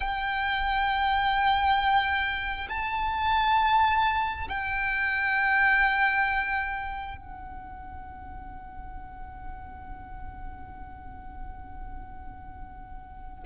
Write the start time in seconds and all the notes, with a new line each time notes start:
0.00 G5
2.69 A5
4.48 G5
7.17 F#5